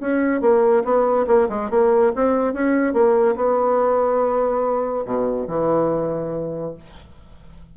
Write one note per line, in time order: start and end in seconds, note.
0.00 0.41 C#4
0.41 0.83 A#3
0.84 1.26 B3
1.27 1.48 A#3
1.49 1.70 G#3
1.70 2.12 A#3
2.15 2.53 C4
2.53 2.93 C#4
2.93 3.35 A#3
3.36 5.05 B3
5.05 5.47 B2
5.47 6.74 E3